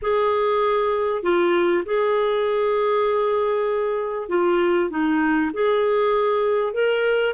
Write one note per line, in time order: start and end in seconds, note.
0.02 1.22 G#4
1.22 1.84 F4
1.85 4.29 G#4
4.29 4.90 F4
4.90 5.51 D#4
5.53 6.73 G#4
6.73 7.33 A#4